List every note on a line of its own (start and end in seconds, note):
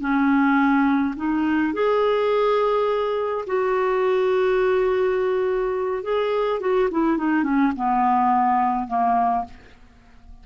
0.00 1.14 C#4
1.16 1.73 D#4
1.73 3.45 G#4
3.46 6.03 F#4
6.03 6.60 G#4
6.60 6.89 F#4
6.91 7.17 E4
7.17 7.43 D#4
7.43 7.72 C#4
7.75 8.87 B3
8.87 9.44 A#3